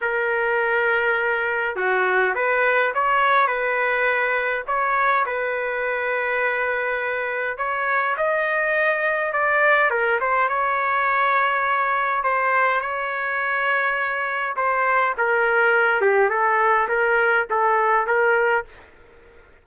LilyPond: \new Staff \with { instrumentName = "trumpet" } { \time 4/4 \tempo 4 = 103 ais'2. fis'4 | b'4 cis''4 b'2 | cis''4 b'2.~ | b'4 cis''4 dis''2 |
d''4 ais'8 c''8 cis''2~ | cis''4 c''4 cis''2~ | cis''4 c''4 ais'4. g'8 | a'4 ais'4 a'4 ais'4 | }